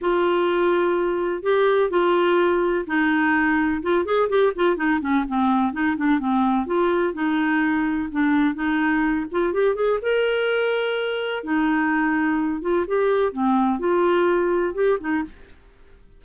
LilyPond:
\new Staff \with { instrumentName = "clarinet" } { \time 4/4 \tempo 4 = 126 f'2. g'4 | f'2 dis'2 | f'8 gis'8 g'8 f'8 dis'8 cis'8 c'4 | dis'8 d'8 c'4 f'4 dis'4~ |
dis'4 d'4 dis'4. f'8 | g'8 gis'8 ais'2. | dis'2~ dis'8 f'8 g'4 | c'4 f'2 g'8 dis'8 | }